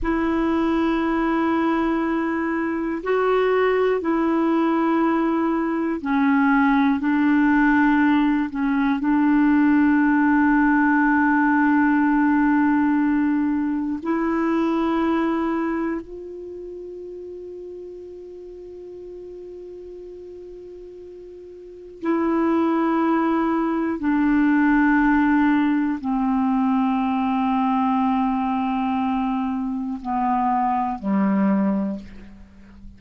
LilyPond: \new Staff \with { instrumentName = "clarinet" } { \time 4/4 \tempo 4 = 60 e'2. fis'4 | e'2 cis'4 d'4~ | d'8 cis'8 d'2.~ | d'2 e'2 |
f'1~ | f'2 e'2 | d'2 c'2~ | c'2 b4 g4 | }